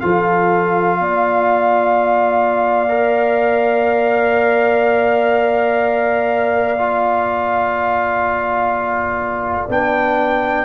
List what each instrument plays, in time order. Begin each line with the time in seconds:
0.00 tuba F3, trombone F4, horn A4, trumpet F5
0.99 tuba A#3, horn D5
2.89 trombone A#4
6.78 trombone F4
9.69 tuba B3, trombone D4, trumpet G5